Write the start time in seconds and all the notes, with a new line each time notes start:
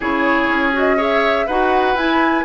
0.00 C#3 E4 G#4 C#5
0.48 C#4
0.73 F#4 D#5
0.96 G#4 C#5 E5
1.46 D#4 F#4 B4 F#5
1.94 E4 G#5